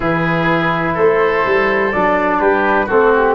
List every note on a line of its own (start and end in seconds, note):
0.00 0.96 E3
0.00 1.92 E4
0.00 0.93 G#4
0.00 0.97 B4
0.93 1.45 A3
0.93 2.37 A4
0.93 1.92 C5
1.46 1.94 G3
1.92 2.40 F#3
1.92 2.88 D4
1.92 2.40 D5
2.39 2.88 G3
2.39 2.85 G4
2.39 2.88 B4
2.85 3.35 A3
2.85 3.35 C4
2.85 3.33 F#4
2.85 3.12 A4
3.15 3.35 G4